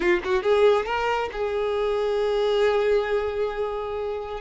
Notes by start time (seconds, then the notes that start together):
0.00 F4
0.23 F#4
0.43 G#4
0.85 A#4
1.32 G#4